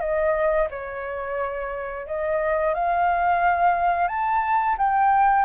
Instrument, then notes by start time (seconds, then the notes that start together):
flute
0.00 D#5
0.70 C#5
2.06 D#5
2.74 F5
4.08 A5
4.78 G5